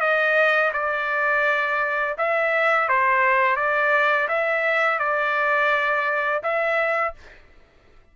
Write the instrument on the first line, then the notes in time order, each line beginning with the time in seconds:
trumpet
0.00 D#5
0.73 D5
2.18 E5
2.88 C5
3.56 D5
4.28 E5
4.99 D5
6.43 E5